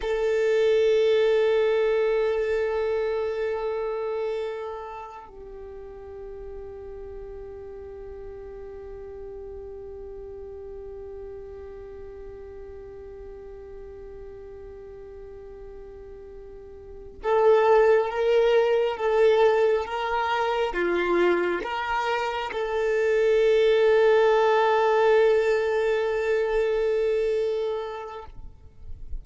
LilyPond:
\new Staff \with { instrumentName = "violin" } { \time 4/4 \tempo 4 = 68 a'1~ | a'2 g'2~ | g'1~ | g'1~ |
g'2.~ g'8 a'8~ | a'8 ais'4 a'4 ais'4 f'8~ | f'8 ais'4 a'2~ a'8~ | a'1 | }